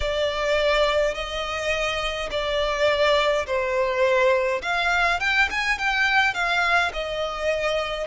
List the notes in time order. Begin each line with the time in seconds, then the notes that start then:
0.00 D5
1.14 D#5
2.30 D5
3.46 C5
4.62 F5
5.19 G5
5.50 G#5
5.78 G5
6.34 F5
6.93 D#5